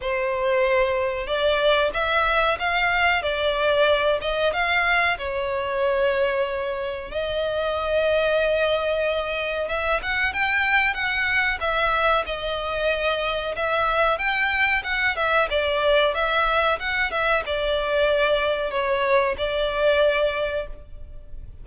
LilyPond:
\new Staff \with { instrumentName = "violin" } { \time 4/4 \tempo 4 = 93 c''2 d''4 e''4 | f''4 d''4. dis''8 f''4 | cis''2. dis''4~ | dis''2. e''8 fis''8 |
g''4 fis''4 e''4 dis''4~ | dis''4 e''4 g''4 fis''8 e''8 | d''4 e''4 fis''8 e''8 d''4~ | d''4 cis''4 d''2 | }